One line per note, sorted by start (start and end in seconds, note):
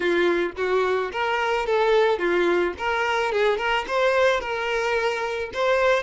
0.00 0.52 F4
0.56 1.11 F#4
1.12 1.66 A#4
1.66 2.18 A4
2.18 2.73 F4
2.77 3.32 A#4
3.32 3.57 G#4
3.57 3.85 A#4
3.87 4.40 C5
4.40 5.50 A#4
5.53 6.02 C5